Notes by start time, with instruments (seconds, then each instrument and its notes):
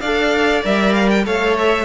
0.00 cello D4, viola A4, violin D5 F5
0.63 cello G3, viola A#4, violin E5
0.94 violin F5
1.10 violin G5
1.25 cello A3, viola A4, violin C#5 F5
1.58 violin E5